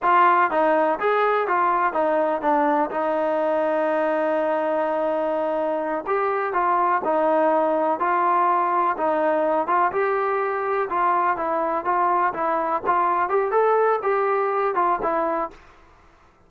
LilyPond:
\new Staff \with { instrumentName = "trombone" } { \time 4/4 \tempo 4 = 124 f'4 dis'4 gis'4 f'4 | dis'4 d'4 dis'2~ | dis'1~ | dis'8 g'4 f'4 dis'4.~ |
dis'8 f'2 dis'4. | f'8 g'2 f'4 e'8~ | e'8 f'4 e'4 f'4 g'8 | a'4 g'4. f'8 e'4 | }